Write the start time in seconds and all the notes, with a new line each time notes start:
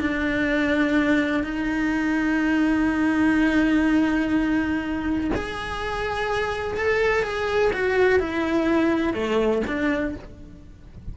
0.00 D4
1.44 D#4
5.35 G#4
6.78 A4
7.23 G#4
7.73 F#4
8.20 E4
9.14 A3
9.67 D4